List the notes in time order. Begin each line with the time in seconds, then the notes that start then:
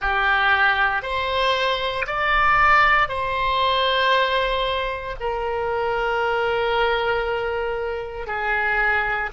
0.00 G4
1.02 C5
2.06 D5
3.08 C5
5.20 A#4
8.26 G#4